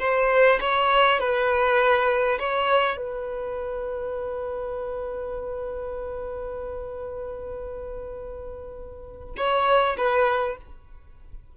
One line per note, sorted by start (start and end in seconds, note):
0.00 0.59 C5
0.61 1.20 C#5
1.20 2.39 B4
2.40 2.97 C#5
2.97 9.36 B4
9.37 9.97 C#5
9.98 10.57 B4